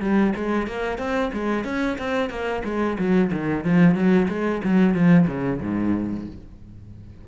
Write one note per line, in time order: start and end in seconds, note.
0.00 0.33 G3
0.35 0.67 G#3
0.67 0.98 A#3
0.98 1.31 C4
1.32 1.64 G#3
1.64 1.97 C#4
1.98 2.29 C4
2.29 2.62 A#3
2.64 2.97 G#3
2.98 3.31 F#3
3.32 3.64 D#3
3.64 3.94 F3
3.94 4.27 F#3
4.29 4.62 G#3
4.63 4.94 F#3
4.94 5.27 F3
5.27 5.60 C#3
5.61 6.27 G#2